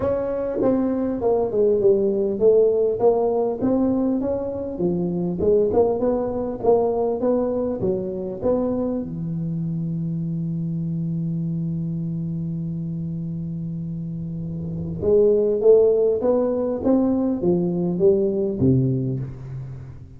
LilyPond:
\new Staff \with { instrumentName = "tuba" } { \time 4/4 \tempo 4 = 100 cis'4 c'4 ais8 gis8 g4 | a4 ais4 c'4 cis'4 | f4 gis8 ais8 b4 ais4 | b4 fis4 b4 e4~ |
e1~ | e1~ | e4 gis4 a4 b4 | c'4 f4 g4 c4 | }